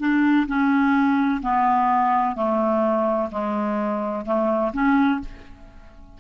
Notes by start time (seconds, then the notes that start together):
0.00 D4
0.48 C#4
1.42 B3
2.36 A3
3.32 G#3
4.26 A3
4.73 C#4